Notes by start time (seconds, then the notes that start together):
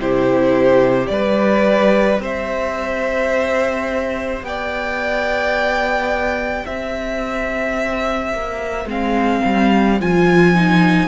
0.00 C3 E4 G4 C5
1.07 G3 G4 B4 D5
2.19 C4 C5 E5
4.41 B3 G5
4.48 D5
6.64 C4 C5 E5
8.33 A#3
8.85 G#3 C4 F5
9.45 G3
10.00 F3 F4 G#5
10.55 D#4